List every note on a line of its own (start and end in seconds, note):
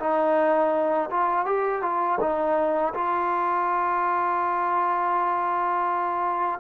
0.00 1.10 D#4
1.11 1.46 F4
1.46 1.82 G4
1.82 2.19 F4
2.21 2.94 D#4
2.94 6.60 F4